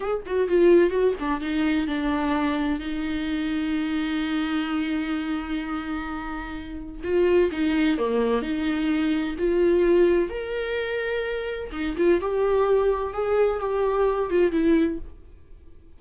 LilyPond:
\new Staff \with { instrumentName = "viola" } { \time 4/4 \tempo 4 = 128 gis'8 fis'8 f'4 fis'8 d'8 dis'4 | d'2 dis'2~ | dis'1~ | dis'2. f'4 |
dis'4 ais4 dis'2 | f'2 ais'2~ | ais'4 dis'8 f'8 g'2 | gis'4 g'4. f'8 e'4 | }